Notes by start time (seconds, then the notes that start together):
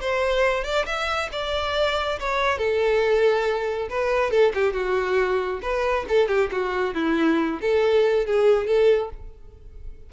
0.00 C5
0.63 D5
0.85 E5
1.32 D5
2.19 C#5
2.57 A4
3.89 B4
4.30 A4
4.54 G4
4.73 F#4
5.62 B4
6.08 A4
6.28 G4
6.51 F#4
6.94 E4
7.61 A4
8.26 G#4
8.66 A4